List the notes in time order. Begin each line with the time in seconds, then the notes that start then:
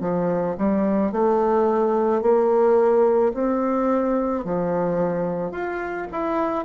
0.00 F3
0.58 G3
1.11 A3
2.21 A#3
3.33 C4
4.44 F3
5.51 F4
6.11 E4